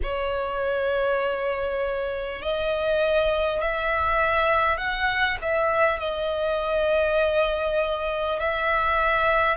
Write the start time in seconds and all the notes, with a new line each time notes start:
0.03 C#5
2.42 D#5
3.61 E5
4.77 F#5
5.41 E5
5.99 D#5
8.39 E5